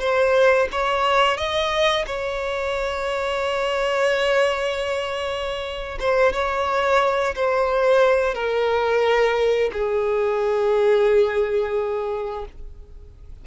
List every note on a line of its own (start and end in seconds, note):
0.00 0.68 C5
0.72 1.37 C#5
1.37 2.05 D#5
2.07 5.99 C#5
6.00 6.33 C5
6.33 7.35 C#5
7.35 8.35 C5
8.35 9.71 A#4
9.73 12.46 G#4